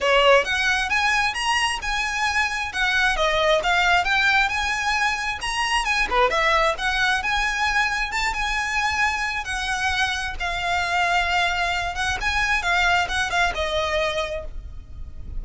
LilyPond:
\new Staff \with { instrumentName = "violin" } { \time 4/4 \tempo 4 = 133 cis''4 fis''4 gis''4 ais''4 | gis''2 fis''4 dis''4 | f''4 g''4 gis''2 | ais''4 gis''8 b'8 e''4 fis''4 |
gis''2 a''8 gis''4.~ | gis''4 fis''2 f''4~ | f''2~ f''8 fis''8 gis''4 | f''4 fis''8 f''8 dis''2 | }